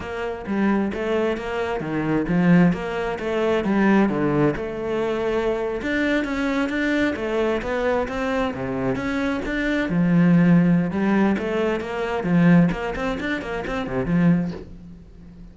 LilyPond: \new Staff \with { instrumentName = "cello" } { \time 4/4 \tempo 4 = 132 ais4 g4 a4 ais4 | dis4 f4 ais4 a4 | g4 d4 a2~ | a8. d'4 cis'4 d'4 a16~ |
a8. b4 c'4 c4 cis'16~ | cis'8. d'4 f2~ f16 | g4 a4 ais4 f4 | ais8 c'8 d'8 ais8 c'8 c8 f4 | }